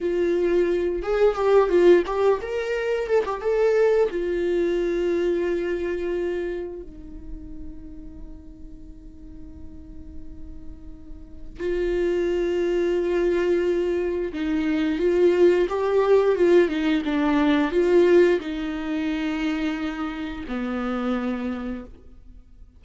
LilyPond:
\new Staff \with { instrumentName = "viola" } { \time 4/4 \tempo 4 = 88 f'4. gis'8 g'8 f'8 g'8 ais'8~ | ais'8 a'16 g'16 a'4 f'2~ | f'2 dis'2~ | dis'1~ |
dis'4 f'2.~ | f'4 dis'4 f'4 g'4 | f'8 dis'8 d'4 f'4 dis'4~ | dis'2 b2 | }